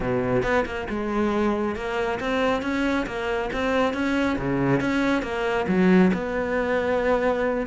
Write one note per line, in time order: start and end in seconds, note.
0.00 0.42 B2
0.42 0.64 B3
0.65 0.87 A#3
0.89 1.75 G#3
1.75 2.19 A#3
2.19 2.62 C4
2.62 3.06 C#4
3.06 3.50 A#3
3.53 3.93 C4
3.93 4.37 C#4
4.38 4.80 C#3
4.80 5.22 C#4
5.22 5.66 A#3
5.67 6.11 F#3
6.13 7.66 B3